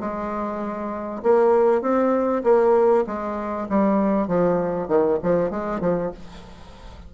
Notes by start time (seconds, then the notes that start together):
0.00 G#3
1.23 A#3
1.82 C4
2.44 A#3
3.07 G#3
3.69 G3
4.28 F3
4.88 D#3
5.23 F3
5.50 G#3
5.81 F3